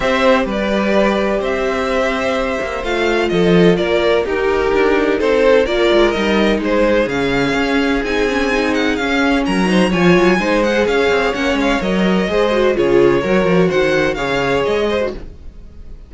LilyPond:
<<
  \new Staff \with { instrumentName = "violin" } { \time 4/4 \tempo 4 = 127 e''4 d''2 e''4~ | e''2 f''4 dis''4 | d''4 ais'2 c''4 | d''4 dis''4 c''4 f''4~ |
f''4 gis''4. fis''8 f''4 | ais''4 gis''4. fis''8 f''4 | fis''8 f''8 dis''2 cis''4~ | cis''4 fis''4 f''4 dis''4 | }
  \new Staff \with { instrumentName = "violin" } { \time 4/4 c''4 b'2 c''4~ | c''2. a'4 | ais'4 g'2 a'4 | ais'2 gis'2~ |
gis'1 | ais'8 c''8 cis''4 c''4 cis''4~ | cis''2 c''4 gis'4 | ais'4 c''4 cis''4. c''8 | }
  \new Staff \with { instrumentName = "viola" } { \time 4/4 g'1~ | g'2 f'2~ | f'4 dis'2. | f'4 dis'2 cis'4~ |
cis'4 dis'8 cis'8 dis'4 cis'4~ | cis'8 dis'8 f'4 dis'8 gis'4. | cis'4 ais'4 gis'8 fis'8 f'4 | fis'2 gis'4.~ gis'16 fis'16 | }
  \new Staff \with { instrumentName = "cello" } { \time 4/4 c'4 g2 c'4~ | c'4. ais8 a4 f4 | ais4 dis'4 d'4 c'4 | ais8 gis8 g4 gis4 cis4 |
cis'4 c'2 cis'4 | fis4 f8 fis8 gis4 cis'8 c'8 | ais8 gis8 fis4 gis4 cis4 | fis8 f8 dis4 cis4 gis4 | }
>>